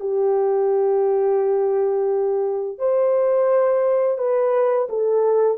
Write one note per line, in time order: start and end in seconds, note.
0.00 2.78 G4
2.78 4.18 C5
4.18 4.88 B4
4.89 5.58 A4